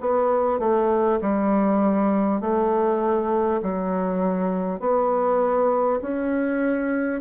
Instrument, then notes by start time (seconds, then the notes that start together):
bassoon
0.00 B3
0.59 A3
1.21 G3
2.41 A3
3.62 F#3
4.79 B3
6.01 C#4